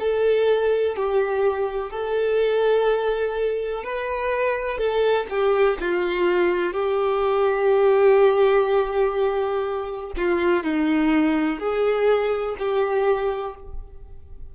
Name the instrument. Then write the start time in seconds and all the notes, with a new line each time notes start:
violin
0.00 A4
0.96 G4
1.91 A4
3.84 B4
4.79 A4
5.30 G4
5.81 F4
6.73 G4
10.17 F4
10.64 D#4
11.60 G#4
12.59 G4